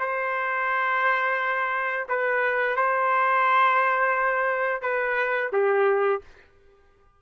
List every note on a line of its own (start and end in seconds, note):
0.00 2.07 C5
2.09 2.76 B4
2.76 4.82 C5
4.82 5.51 B4
5.53 6.22 G4